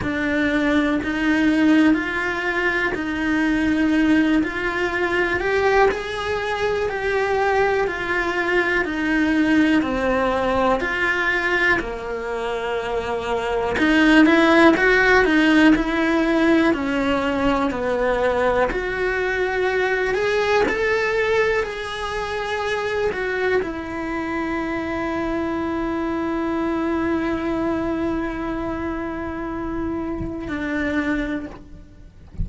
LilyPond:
\new Staff \with { instrumentName = "cello" } { \time 4/4 \tempo 4 = 61 d'4 dis'4 f'4 dis'4~ | dis'8 f'4 g'8 gis'4 g'4 | f'4 dis'4 c'4 f'4 | ais2 dis'8 e'8 fis'8 dis'8 |
e'4 cis'4 b4 fis'4~ | fis'8 gis'8 a'4 gis'4. fis'8 | e'1~ | e'2. d'4 | }